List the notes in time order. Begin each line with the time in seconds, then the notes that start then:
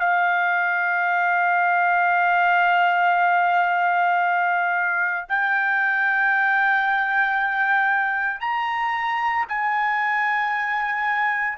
0.00 F5
5.29 G5
8.40 A#5
9.48 G#5